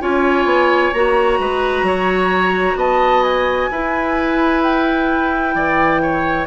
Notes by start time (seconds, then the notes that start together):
0.00 C#4 F4 C#5 G#5
0.44 B3
0.92 A#3 F#4 A#5
1.38 G#3 B4
1.82 F#3 C#5
2.75 B3 D#5 A5
3.23 G#5
3.71 E4 B4
4.62 G5
5.55 E3 D5
6.02 C#5